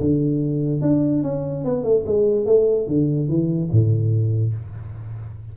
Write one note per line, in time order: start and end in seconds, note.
0.00 0.81 D3
0.81 1.22 D4
1.23 1.64 C#4
1.64 1.83 B3
1.83 2.04 A3
2.06 2.45 G#3
2.45 2.87 A3
2.87 3.28 D3
3.28 3.69 E3
3.71 4.54 A2